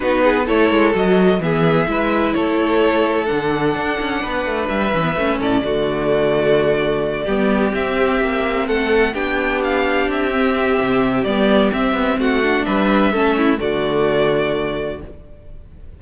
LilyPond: <<
  \new Staff \with { instrumentName = "violin" } { \time 4/4 \tempo 4 = 128 b'4 cis''4 dis''4 e''4~ | e''4 cis''2 fis''4~ | fis''2 e''4. d''8~ | d''1~ |
d''8 e''2 fis''4 g''8~ | g''8 f''4 e''2~ e''8 | d''4 e''4 fis''4 e''4~ | e''4 d''2. | }
  \new Staff \with { instrumentName = "violin" } { \time 4/4 fis'8 gis'8 a'2 gis'4 | b'4 a'2.~ | a'4 b'2~ b'8 a'8 | fis'2.~ fis'8 g'8~ |
g'2~ g'8 a'4 g'8~ | g'1~ | g'2 fis'4 b'4 | a'8 e'8 fis'2. | }
  \new Staff \with { instrumentName = "viola" } { \time 4/4 dis'4 e'4 fis'4 b4 | e'2. d'4~ | d'2~ d'8 cis'16 b16 cis'4 | a2.~ a8 b8~ |
b8 c'2. d'8~ | d'2 c'2 | b4 c'4. d'4. | cis'4 a2. | }
  \new Staff \with { instrumentName = "cello" } { \time 4/4 b4 a8 gis8 fis4 e4 | gis4 a2 d4 | d'8 cis'8 b8 a8 g8 e8 a8 a,8 | d2.~ d8 g8~ |
g8 c'4 ais4 a4 b8~ | b4. c'4. c4 | g4 c'8 b8 a4 g4 | a4 d2. | }
>>